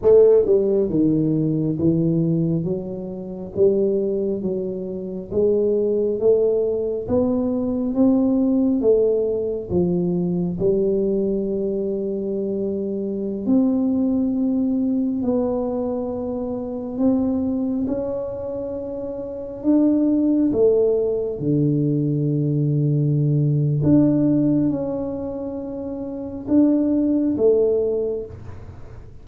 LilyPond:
\new Staff \with { instrumentName = "tuba" } { \time 4/4 \tempo 4 = 68 a8 g8 dis4 e4 fis4 | g4 fis4 gis4 a4 | b4 c'4 a4 f4 | g2.~ g16 c'8.~ |
c'4~ c'16 b2 c'8.~ | c'16 cis'2 d'4 a8.~ | a16 d2~ d8. d'4 | cis'2 d'4 a4 | }